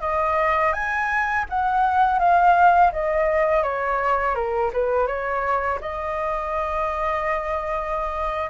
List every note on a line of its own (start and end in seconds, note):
0.00 0.73 D#5
0.73 1.45 G#5
1.49 2.19 F#5
2.19 2.91 F5
2.92 3.62 D#5
3.62 4.35 C#5
4.35 4.71 A#4
4.73 5.06 B4
5.06 5.79 C#5
5.81 8.50 D#5